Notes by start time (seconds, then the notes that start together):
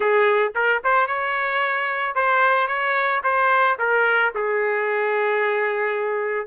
0.00 G#4
0.55 A#4
0.84 C5
1.07 C#5
2.15 C5
2.67 C#5
3.23 C5
3.78 A#4
4.34 G#4